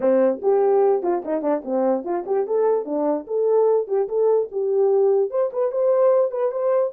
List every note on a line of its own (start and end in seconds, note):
0.00 0.40 C4
0.42 1.02 G4
1.02 1.23 F4
1.24 1.41 D#4
1.41 1.62 D4
1.64 2.04 C4
2.04 2.24 F4
2.26 2.47 G4
2.47 2.85 A4
2.85 3.26 D4
3.27 3.87 A4
3.87 4.07 G4
4.08 4.49 A4
4.51 5.30 G4
5.30 5.50 C5
5.53 5.71 B4
5.71 6.31 C5
6.31 6.51 B4
6.51 6.92 C5